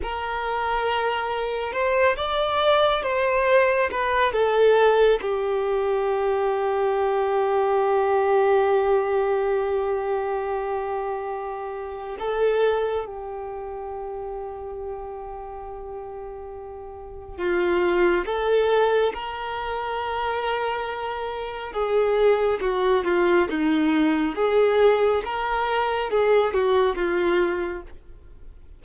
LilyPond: \new Staff \with { instrumentName = "violin" } { \time 4/4 \tempo 4 = 69 ais'2 c''8 d''4 c''8~ | c''8 b'8 a'4 g'2~ | g'1~ | g'2 a'4 g'4~ |
g'1 | f'4 a'4 ais'2~ | ais'4 gis'4 fis'8 f'8 dis'4 | gis'4 ais'4 gis'8 fis'8 f'4 | }